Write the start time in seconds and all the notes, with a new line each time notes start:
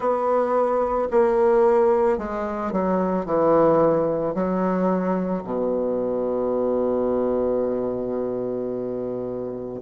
0.00 B3
1.10 A#3
2.18 G#3
2.72 F#3
3.25 E3
4.34 F#3
5.43 B2